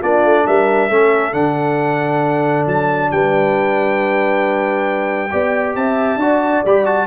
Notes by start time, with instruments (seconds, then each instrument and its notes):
0.00 tuba A#3, trombone D4, horn F4, trumpet D5
0.25 tuba A3
0.47 tuba G3, horn A#4, trumpet E5
0.90 tuba A3, trombone C#4, horn A4
1.32 tuba D3, trombone D4, trumpet F#5
2.67 tuba F#3, trumpet A5
3.11 tuba G3, horn B4, trumpet G5
5.31 tuba B3, trombone G4, horn D5
5.76 tuba C4, horn E5, trumpet A5
6.17 tuba D4, trombone F#4, horn D5
6.66 tuba G3, trombone G4, trumpet B5
6.85 trombone F#4, trumpet A5